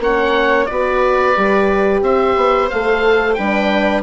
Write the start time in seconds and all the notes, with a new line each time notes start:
0.00 A#3 C#4 C#5 F#5
0.66 B3 F#4 B4 D5
1.36 G3 G4
2.02 C4 C5 E5
2.37 B3
2.70 A3 A4 F5
3.34 G3 D4 B4 G5